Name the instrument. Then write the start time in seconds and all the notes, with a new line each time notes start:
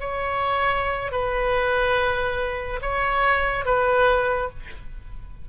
oboe
0.00 C#5
1.11 B4
2.81 C#5
3.65 B4